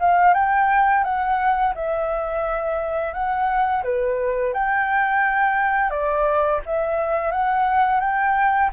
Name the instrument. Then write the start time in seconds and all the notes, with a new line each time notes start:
flute
0.00 F5
0.34 G5
1.04 F#5
1.75 E5
3.14 F#5
3.84 B4
4.54 G5
5.91 D5
6.66 E5
7.32 F#5
8.01 G5